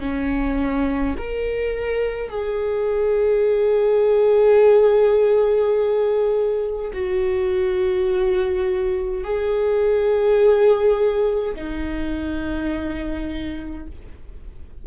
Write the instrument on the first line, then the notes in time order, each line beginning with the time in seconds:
viola
0.00 C#4
1.18 A#4
2.30 G#4
6.93 F#4
9.24 G#4
11.55 D#4